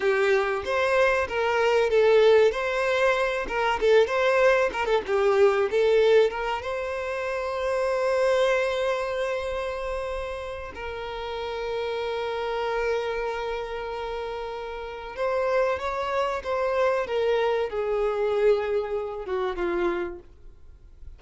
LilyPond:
\new Staff \with { instrumentName = "violin" } { \time 4/4 \tempo 4 = 95 g'4 c''4 ais'4 a'4 | c''4. ais'8 a'8 c''4 ais'16 a'16 | g'4 a'4 ais'8 c''4.~ | c''1~ |
c''4 ais'2.~ | ais'1 | c''4 cis''4 c''4 ais'4 | gis'2~ gis'8 fis'8 f'4 | }